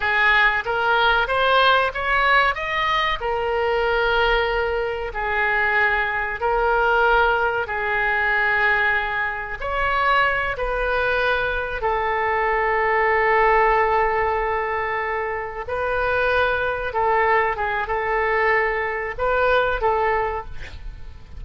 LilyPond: \new Staff \with { instrumentName = "oboe" } { \time 4/4 \tempo 4 = 94 gis'4 ais'4 c''4 cis''4 | dis''4 ais'2. | gis'2 ais'2 | gis'2. cis''4~ |
cis''8 b'2 a'4.~ | a'1~ | a'8 b'2 a'4 gis'8 | a'2 b'4 a'4 | }